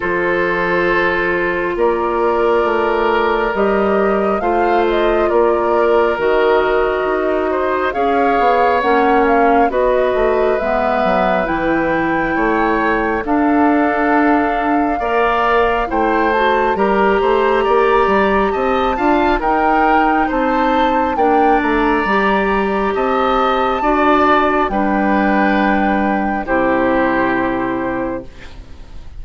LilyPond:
<<
  \new Staff \with { instrumentName = "flute" } { \time 4/4 \tempo 4 = 68 c''2 d''2 | dis''4 f''8 dis''8 d''4 dis''4~ | dis''4 f''4 fis''8 f''8 dis''4 | e''4 g''2 f''4~ |
f''2 g''8 a''8 ais''4~ | ais''4 a''4 g''4 a''4 | g''8 ais''4. a''2 | g''2 c''2 | }
  \new Staff \with { instrumentName = "oboe" } { \time 4/4 a'2 ais'2~ | ais'4 c''4 ais'2~ | ais'8 c''8 cis''2 b'4~ | b'2 cis''4 a'4~ |
a'4 d''4 c''4 ais'8 c''8 | d''4 dis''8 f''8 ais'4 c''4 | d''2 dis''4 d''4 | b'2 g'2 | }
  \new Staff \with { instrumentName = "clarinet" } { \time 4/4 f'1 | g'4 f'2 fis'4~ | fis'4 gis'4 cis'4 fis'4 | b4 e'2 d'4~ |
d'4 ais'4 e'8 fis'8 g'4~ | g'4. f'8 dis'2 | d'4 g'2 fis'4 | d'2 e'2 | }
  \new Staff \with { instrumentName = "bassoon" } { \time 4/4 f2 ais4 a4 | g4 a4 ais4 dis4 | dis'4 cis'8 b8 ais4 b8 a8 | gis8 fis8 e4 a4 d'4~ |
d'4 ais4 a4 g8 a8 | ais8 g8 c'8 d'8 dis'4 c'4 | ais8 a8 g4 c'4 d'4 | g2 c2 | }
>>